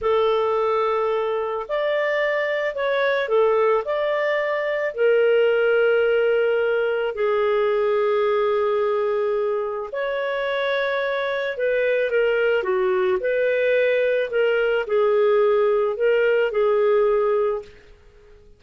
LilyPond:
\new Staff \with { instrumentName = "clarinet" } { \time 4/4 \tempo 4 = 109 a'2. d''4~ | d''4 cis''4 a'4 d''4~ | d''4 ais'2.~ | ais'4 gis'2.~ |
gis'2 cis''2~ | cis''4 b'4 ais'4 fis'4 | b'2 ais'4 gis'4~ | gis'4 ais'4 gis'2 | }